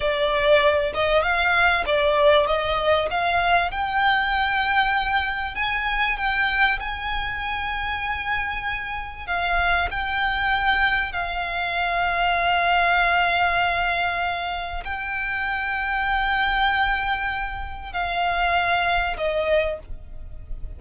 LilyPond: \new Staff \with { instrumentName = "violin" } { \time 4/4 \tempo 4 = 97 d''4. dis''8 f''4 d''4 | dis''4 f''4 g''2~ | g''4 gis''4 g''4 gis''4~ | gis''2. f''4 |
g''2 f''2~ | f''1 | g''1~ | g''4 f''2 dis''4 | }